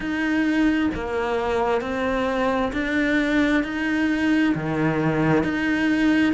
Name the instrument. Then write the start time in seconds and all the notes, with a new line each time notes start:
cello
0.00 D#4
0.94 A#3
1.81 C4
2.72 D4
3.63 D#4
4.55 D#3
5.43 D#4